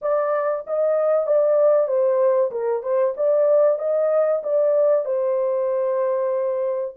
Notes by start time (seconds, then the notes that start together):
0.01 D5
0.67 D#5
1.26 D5
1.87 C5
2.51 A#4
2.82 C5
3.16 D5
3.79 D#5
4.43 D5
5.05 C5